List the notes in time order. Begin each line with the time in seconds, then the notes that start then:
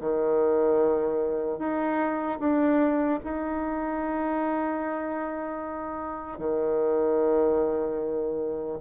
0.00 D#3
1.58 D#4
2.39 D4
3.24 D#4
6.39 D#3